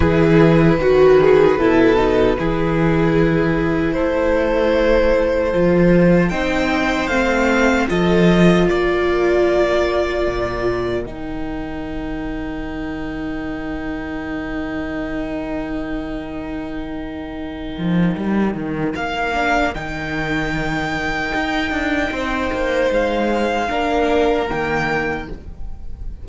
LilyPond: <<
  \new Staff \with { instrumentName = "violin" } { \time 4/4 \tempo 4 = 76 b'1~ | b'4 c''2. | g''4 f''4 dis''4 d''4~ | d''2 g''2~ |
g''1~ | g''1 | f''4 g''2.~ | g''4 f''2 g''4 | }
  \new Staff \with { instrumentName = "violin" } { \time 4/4 gis'4 fis'8 gis'8 a'4 gis'4~ | gis'4 a'2. | c''2 a'4 ais'4~ | ais'1~ |
ais'1~ | ais'1~ | ais'1 | c''2 ais'2 | }
  \new Staff \with { instrumentName = "viola" } { \time 4/4 e'4 fis'4 e'8 dis'8 e'4~ | e'2. f'4 | dis'4 c'4 f'2~ | f'2 dis'2~ |
dis'1~ | dis'1~ | dis'8 d'8 dis'2.~ | dis'2 d'4 ais4 | }
  \new Staff \with { instrumentName = "cello" } { \time 4/4 e4 dis4 b,4 e4~ | e4 a2 f4 | c'4 a4 f4 ais4~ | ais4 ais,4 dis2~ |
dis1~ | dis2~ dis8 f8 g8 dis8 | ais4 dis2 dis'8 d'8 | c'8 ais8 gis4 ais4 dis4 | }
>>